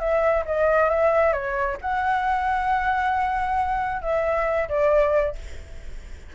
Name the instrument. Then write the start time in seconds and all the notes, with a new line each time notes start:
flute
0.00 E5
0.46 D#5
0.90 E5
1.33 C#5
1.82 F#5
4.02 E5
4.69 D5